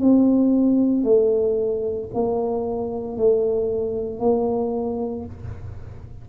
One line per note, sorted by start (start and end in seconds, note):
0.00 1.04 C4
1.04 2.10 A3
2.14 3.18 A#3
3.18 4.20 A3
4.20 5.25 A#3